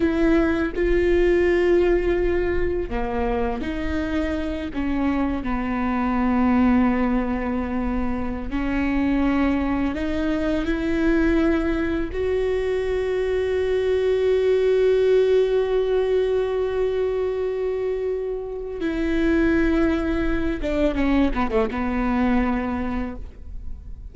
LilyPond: \new Staff \with { instrumentName = "viola" } { \time 4/4 \tempo 4 = 83 e'4 f'2. | ais4 dis'4. cis'4 b8~ | b2.~ b8. cis'16~ | cis'4.~ cis'16 dis'4 e'4~ e'16~ |
e'8. fis'2.~ fis'16~ | fis'1~ | fis'2 e'2~ | e'8 d'8 cis'8 b16 a16 b2 | }